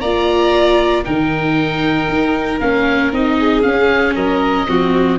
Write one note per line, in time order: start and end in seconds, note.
0.00 1.05 A#3
0.00 1.04 F4
0.00 1.04 D5
0.00 1.03 A#5
1.04 2.08 D#3
1.04 2.59 D#4
1.04 3.37 A#4
1.04 2.60 G5
2.08 2.60 D#4
2.60 3.12 A#3
2.60 3.13 C#4
2.60 3.12 F5
3.12 3.64 C4
3.12 3.63 D#4
3.12 3.62 D#5
3.40 4.15 G#4
3.62 4.66 C#4
3.62 4.15 C#4
3.62 4.14 F5
4.15 4.67 F#3
4.15 4.67 A#4
4.15 5.19 D#5
4.67 5.19 F3
4.67 5.18 C4
4.67 5.19 F#4